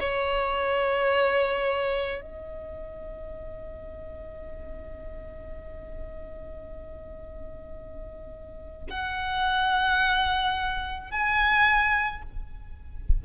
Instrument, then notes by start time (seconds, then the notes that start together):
violin
0.00 C#5
2.21 D#5
8.90 F#5
11.11 G#5